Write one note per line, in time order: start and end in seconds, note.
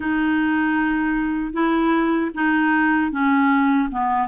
0.00 1.53 D#4
1.53 2.31 E4
2.34 3.11 D#4
3.11 3.89 C#4
3.91 4.28 B3